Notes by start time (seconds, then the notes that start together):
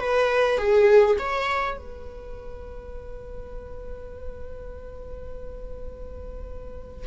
0.00 B4
0.58 G#4
1.19 C#5
1.78 B4